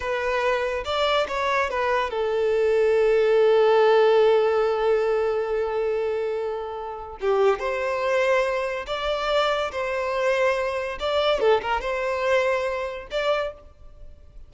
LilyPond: \new Staff \with { instrumentName = "violin" } { \time 4/4 \tempo 4 = 142 b'2 d''4 cis''4 | b'4 a'2.~ | a'1~ | a'1~ |
a'4 g'4 c''2~ | c''4 d''2 c''4~ | c''2 d''4 a'8 ais'8 | c''2. d''4 | }